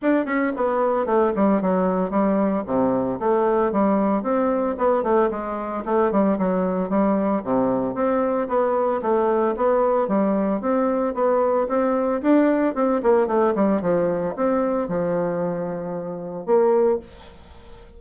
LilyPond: \new Staff \with { instrumentName = "bassoon" } { \time 4/4 \tempo 4 = 113 d'8 cis'8 b4 a8 g8 fis4 | g4 c4 a4 g4 | c'4 b8 a8 gis4 a8 g8 | fis4 g4 c4 c'4 |
b4 a4 b4 g4 | c'4 b4 c'4 d'4 | c'8 ais8 a8 g8 f4 c'4 | f2. ais4 | }